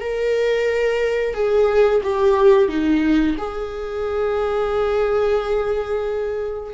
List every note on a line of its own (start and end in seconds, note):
0.00 1.34 A#4
1.34 2.02 G#4
2.03 2.68 G4
2.68 3.36 D#4
3.38 6.74 G#4